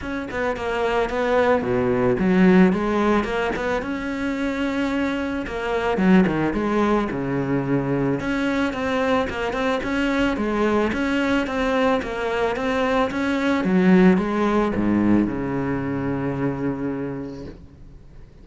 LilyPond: \new Staff \with { instrumentName = "cello" } { \time 4/4 \tempo 4 = 110 cis'8 b8 ais4 b4 b,4 | fis4 gis4 ais8 b8 cis'4~ | cis'2 ais4 fis8 dis8 | gis4 cis2 cis'4 |
c'4 ais8 c'8 cis'4 gis4 | cis'4 c'4 ais4 c'4 | cis'4 fis4 gis4 gis,4 | cis1 | }